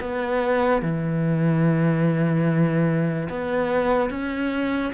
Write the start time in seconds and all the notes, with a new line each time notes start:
0.00 B3
0.82 E3
3.29 B3
4.10 C#4